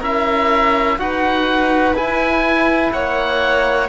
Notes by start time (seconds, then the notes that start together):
0.00 C#4 E4 A#4 E5
0.99 D#4 F#4 B4 F#5
1.95 E4 G#5
2.93 A#3 C#5 F#5